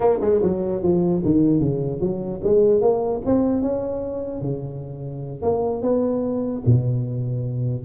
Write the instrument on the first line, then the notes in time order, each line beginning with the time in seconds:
tuba
0.00 A#3
0.21 G#3
0.42 F#3
0.82 F3
1.25 D#3
1.60 C#3
2.00 F#3
2.43 G#3
2.81 A#3
3.25 C4
3.61 C#4
4.41 C#3
5.42 A#3
5.82 B3
6.66 B2